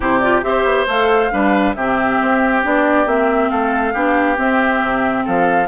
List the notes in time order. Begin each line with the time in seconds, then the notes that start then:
0.00 C3 E4 G4 C5
0.19 F4 D5
0.43 C4 G4 C5 E5
0.64 B3
0.87 A3 A4 F5
1.31 G3 D4 B4
1.74 C3 C4 G4 E5
2.21 C4
2.62 B3 D4 D5
3.06 A#3 C4 E5
3.50 A3 A4 F5
3.93 B3 D4 G4
4.36 C4 E5
4.81 C3
5.24 F3 A4 F5